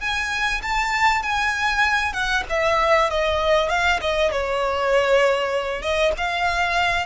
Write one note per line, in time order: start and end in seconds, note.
0.00 0.61 G#5
0.62 1.22 A5
1.22 2.13 G#5
2.13 2.43 F#5
2.49 3.10 E5
3.10 3.69 D#5
3.69 3.99 F5
4.01 4.31 D#5
4.31 5.81 C#5
5.81 6.12 D#5
6.17 7.06 F5